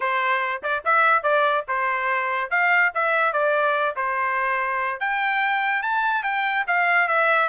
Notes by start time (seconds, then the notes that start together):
0.00 C5
0.62 D5
0.84 E5
1.23 D5
1.68 C5
2.50 F5
2.94 E5
3.33 D5
3.95 C5
5.00 G5
5.82 A5
6.23 G5
6.67 F5
7.08 E5